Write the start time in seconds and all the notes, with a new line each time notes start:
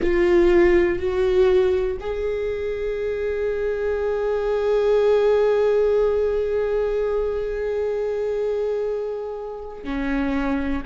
0.01 F4
0.98 F#4
1.99 G#4
9.84 C#4